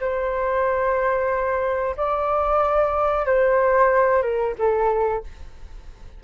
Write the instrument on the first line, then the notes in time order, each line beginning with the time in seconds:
flute
0.00 C5
1.97 D5
3.26 C5
4.22 A#4
4.58 A4